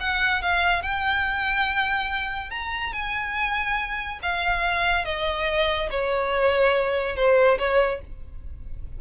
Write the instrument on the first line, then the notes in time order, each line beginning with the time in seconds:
violin
0.00 F#5
0.42 F5
0.82 G5
2.50 A#5
2.93 G#5
4.22 F5
5.05 D#5
5.90 C#5
7.16 C5
7.58 C#5